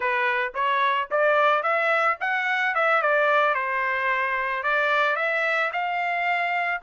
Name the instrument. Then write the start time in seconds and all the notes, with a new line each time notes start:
trumpet
0.00 B4
0.54 C#5
1.11 D5
1.62 E5
2.20 F#5
2.74 E5
3.01 D5
3.54 C5
4.63 D5
5.16 E5
5.72 F5